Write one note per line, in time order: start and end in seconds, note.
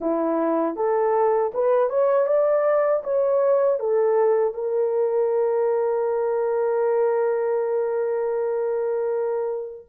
0.00 0.76 E4
0.76 1.52 A4
1.54 1.89 B4
1.89 2.26 C#5
2.26 3.02 D5
3.03 3.79 C#5
3.79 4.54 A4
4.54 9.85 A#4